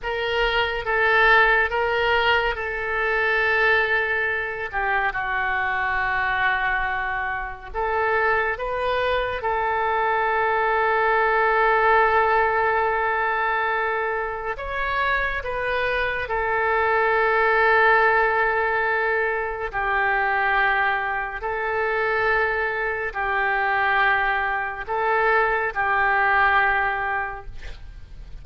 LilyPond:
\new Staff \with { instrumentName = "oboe" } { \time 4/4 \tempo 4 = 70 ais'4 a'4 ais'4 a'4~ | a'4. g'8 fis'2~ | fis'4 a'4 b'4 a'4~ | a'1~ |
a'4 cis''4 b'4 a'4~ | a'2. g'4~ | g'4 a'2 g'4~ | g'4 a'4 g'2 | }